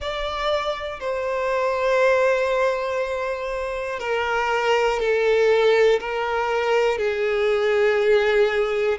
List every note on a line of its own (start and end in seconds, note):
0.00 1.00 D5
1.00 4.00 C5
4.00 4.99 A#4
4.99 5.99 A4
6.00 6.98 A#4
6.98 8.98 G#4